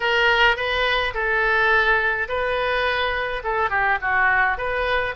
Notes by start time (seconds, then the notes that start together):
0.00 A#4
0.56 B4
1.14 A4
2.28 B4
3.43 A4
3.69 G4
4.01 F#4
4.57 B4